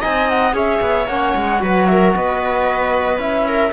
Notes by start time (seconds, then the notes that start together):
0.00 C4 D#4 D#5 G#5
0.29 F#5
0.53 C#4 G#4 C#5 E5
0.81 B3
1.07 A#3 C#4 F#5
1.35 G#3
1.59 F#3 F#4 B4
1.86 A#4 E5
2.14 B3 B4 D#5
3.18 C#4 E4 E5
3.48 A#4